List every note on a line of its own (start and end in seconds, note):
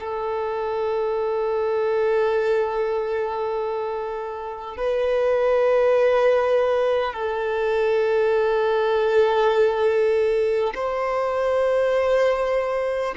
0.00 4.77 A4
4.77 7.13 B4
7.13 10.73 A4
10.75 13.15 C5